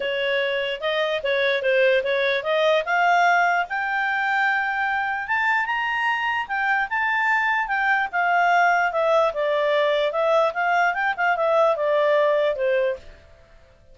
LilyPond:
\new Staff \with { instrumentName = "clarinet" } { \time 4/4 \tempo 4 = 148 cis''2 dis''4 cis''4 | c''4 cis''4 dis''4 f''4~ | f''4 g''2.~ | g''4 a''4 ais''2 |
g''4 a''2 g''4 | f''2 e''4 d''4~ | d''4 e''4 f''4 g''8 f''8 | e''4 d''2 c''4 | }